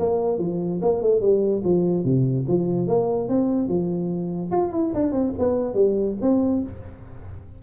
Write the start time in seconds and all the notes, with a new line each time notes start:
0.00 A#3
0.39 F3
0.82 A#3
1.02 A3
1.21 G3
1.65 F3
2.05 C3
2.48 F3
2.88 A#3
3.29 C4
3.69 F3
4.52 F4
4.73 E4
4.95 D4
5.12 C4
5.39 B3
5.75 G3
6.22 C4